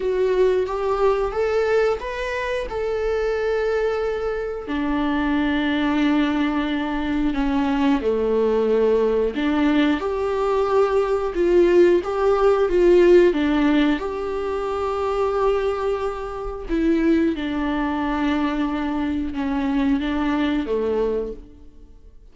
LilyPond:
\new Staff \with { instrumentName = "viola" } { \time 4/4 \tempo 4 = 90 fis'4 g'4 a'4 b'4 | a'2. d'4~ | d'2. cis'4 | a2 d'4 g'4~ |
g'4 f'4 g'4 f'4 | d'4 g'2.~ | g'4 e'4 d'2~ | d'4 cis'4 d'4 a4 | }